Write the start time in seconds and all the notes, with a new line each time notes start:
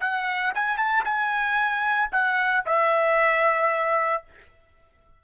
0.00 F#5
0.54 G#5
0.77 A5
1.04 G#5
2.11 F#5
2.66 E5